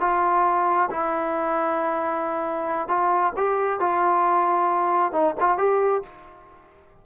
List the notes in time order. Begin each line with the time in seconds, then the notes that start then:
0.00 F4
0.91 E4
2.88 F4
3.37 G4
3.80 F4
5.12 D#4
5.40 F4
5.58 G4